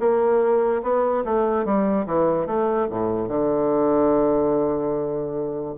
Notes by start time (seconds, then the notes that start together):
0.00 A#3
0.83 B3
1.25 A3
1.65 G3
2.06 E3
2.47 A3
2.90 A2
3.28 D3